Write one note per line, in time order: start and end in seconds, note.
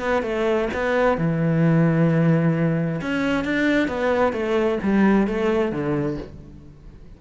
0.00 0.23 B3
0.23 0.69 A3
0.74 1.18 B3
1.18 3.01 E3
3.02 3.45 C#4
3.45 3.88 D4
3.88 4.33 B3
4.33 4.79 A3
4.83 5.28 G3
5.28 5.72 A3
5.72 6.18 D3